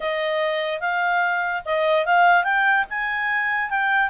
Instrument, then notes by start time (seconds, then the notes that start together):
clarinet
0.00 D#5
0.80 F5
1.65 D#5
2.05 F5
2.44 G5
2.89 G#5
3.69 G5